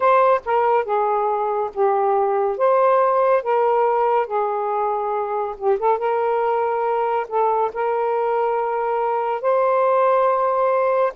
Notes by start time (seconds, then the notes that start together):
0.00 C5
0.45 A#4
0.85 G#4
1.74 G4
2.57 C5
3.42 A#4
4.26 G#4
5.57 G4
5.79 A4
5.98 A#4
7.28 A4
7.73 A#4
9.41 C5